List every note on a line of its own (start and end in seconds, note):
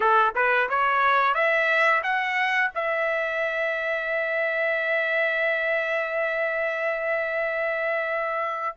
0.00 0.34 A4
0.35 0.69 B4
0.69 1.34 C#5
1.34 2.02 E5
2.03 2.70 F#5
2.74 8.76 E5